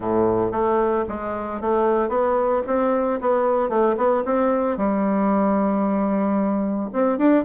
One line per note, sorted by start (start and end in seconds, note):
0.00 0.51 A2
0.51 1.04 A3
1.08 1.60 G#3
1.60 2.09 A3
2.09 2.62 B3
2.66 3.20 C4
3.21 3.69 B3
3.69 3.95 A3
3.97 4.23 B3
4.25 4.77 C4
4.77 6.89 G3
6.93 7.18 C4
7.18 7.44 D4